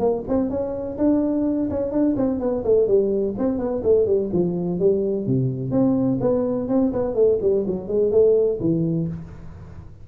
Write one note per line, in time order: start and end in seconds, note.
0.00 0.24 A#3
0.29 0.50 C4
0.50 0.98 C#4
0.98 1.70 D4
1.70 1.92 C#4
1.92 2.16 D4
2.17 2.40 C4
2.40 2.64 B3
2.65 2.88 A3
2.88 3.35 G3
3.39 3.59 C4
3.59 3.82 B3
3.84 4.06 A3
4.06 4.30 G3
4.33 4.80 F3
4.80 5.27 G3
5.27 5.71 C3
5.71 6.19 C4
6.21 6.69 B3
6.69 6.92 C4
6.93 7.15 B3
7.15 7.39 A3
7.42 7.66 G3
7.67 7.88 F#3
7.88 8.12 G#3
8.12 8.59 A3
8.60 9.08 E3